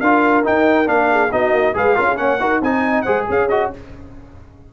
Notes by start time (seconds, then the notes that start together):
0.00 D4 F4 A#4 F5
0.43 D#4 G5
0.85 A#3 D4 F5
1.11 G#4
1.32 B3 D#4 F#4 D#5
1.52 A#3
1.74 G#3 G#4 B4 F5
1.95 C#4 F4 A#4
2.07 G#4
2.16 A#3 C#4 C#5 F#5
2.40 D#4 F#4 A#4
2.61 C4 D#4 D#5 G#5
3.02 G#3 G#4 C5 F#5
3.28 C#4 G#4 F5
3.48 F#4 D#5